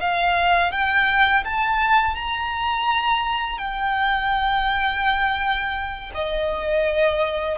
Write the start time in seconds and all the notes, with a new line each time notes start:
0.00 F5
0.72 G5
1.44 A5
2.15 A#5
3.58 G5
6.14 D#5